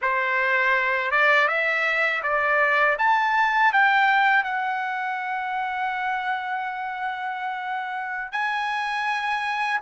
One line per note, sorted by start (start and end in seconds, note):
0.01 1.11 C5
1.11 1.47 D5
1.47 2.22 E5
2.22 2.96 D5
2.98 3.72 A5
3.72 4.43 G5
4.43 8.32 F#5
8.32 9.80 G#5